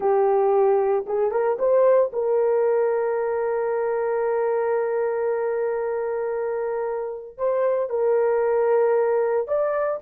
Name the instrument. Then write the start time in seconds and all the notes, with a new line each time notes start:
horn
0.00 G4
1.06 G#4
1.31 A#4
1.58 C5
2.12 A#4
7.37 C5
7.89 A#4
9.47 D5